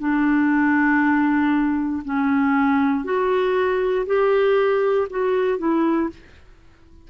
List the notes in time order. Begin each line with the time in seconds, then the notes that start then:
0.00 D4
2.05 C#4
3.05 F#4
4.07 G4
5.10 F#4
5.59 E4